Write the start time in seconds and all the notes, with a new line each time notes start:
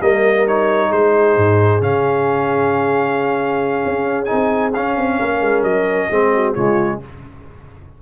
0.00 G3 A#3 A#4 D#5
0.47 D#4 C#5
0.88 G#3 G#4 C5
1.37 G#2
1.81 C#3 C#4 F5
3.85 C#4
4.24 D#4 G#5
4.32 C4
4.74 C#4 F5
4.96 C4
5.19 A#3 A#4
5.40 G#3
5.62 F#3 D#5
6.09 G#3 C4 G#4
6.33 F#4
6.54 C#3 G#3 F4 C#5